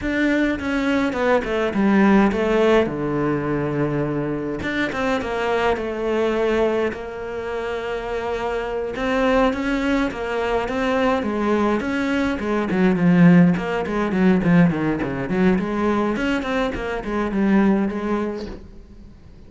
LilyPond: \new Staff \with { instrumentName = "cello" } { \time 4/4 \tempo 4 = 104 d'4 cis'4 b8 a8 g4 | a4 d2. | d'8 c'8 ais4 a2 | ais2.~ ais8 c'8~ |
c'8 cis'4 ais4 c'4 gis8~ | gis8 cis'4 gis8 fis8 f4 ais8 | gis8 fis8 f8 dis8 cis8 fis8 gis4 | cis'8 c'8 ais8 gis8 g4 gis4 | }